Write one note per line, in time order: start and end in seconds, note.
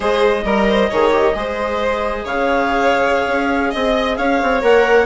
0.00 0.44 G#3
0.00 0.43 G#4
0.00 0.43 C5
0.00 2.26 D#5
0.44 0.89 G3
0.44 0.67 A#4
0.44 0.91 A#4
0.69 0.89 C5
0.89 1.34 D#3
0.89 1.11 G#4
0.89 1.34 C#5
1.11 1.33 G4
1.34 2.25 G#3
1.34 4.61 G#4
1.34 2.24 C5
2.24 3.26 C#3
2.24 3.70 C#5
2.24 3.72 F5
3.27 3.72 C#4
3.70 4.18 C4
3.70 4.15 D#5
3.70 4.16 D#5
4.16 4.41 C#4
4.16 5.05 C#5
4.16 4.61 F5
4.42 4.62 C4
4.61 5.05 A#3
4.61 5.05 A#4
4.61 5.05 F#5